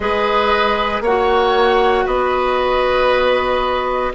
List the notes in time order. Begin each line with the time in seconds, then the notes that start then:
0.00 G#3 G#4 B4 D#5
1.00 A#3 C#5 F#5
1.07 F#4
2.05 B3 B4 D#5